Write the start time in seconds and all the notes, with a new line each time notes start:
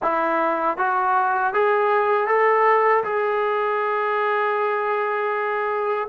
0.02 E4
0.77 F#4
1.53 G#4
2.27 A4
3.04 G#4